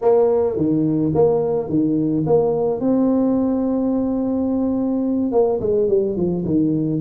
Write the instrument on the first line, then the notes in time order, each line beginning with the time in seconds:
tuba
0.01 A#3
0.56 D#3
1.14 A#3
1.69 D#3
2.26 A#3
2.80 C4
5.31 A#3
5.60 G#3
5.88 G3
6.16 F3
6.45 D#3